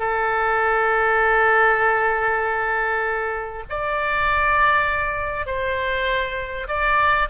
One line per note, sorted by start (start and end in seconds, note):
0.00 3.64 A4
3.70 5.47 D5
5.47 6.68 C5
6.69 7.29 D5